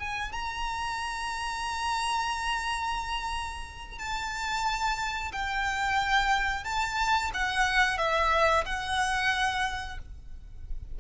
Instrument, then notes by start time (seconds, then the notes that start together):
violin
0.00 G#5
0.33 A#5
3.99 A5
5.33 G5
6.65 A5
7.34 F#5
7.98 E5
8.66 F#5